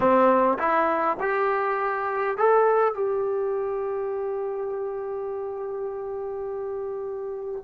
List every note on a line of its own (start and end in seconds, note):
0.00 0.57 C4
0.58 1.17 E4
1.20 2.37 G4
2.37 2.94 A4
2.94 7.64 G4